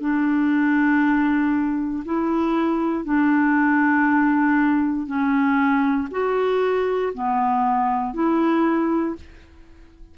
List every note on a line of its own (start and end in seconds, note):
0.00 2.03 D4
2.04 3.04 E4
3.04 5.06 D4
5.06 6.08 C#4
6.11 7.12 F#4
7.13 8.14 B3
8.14 9.15 E4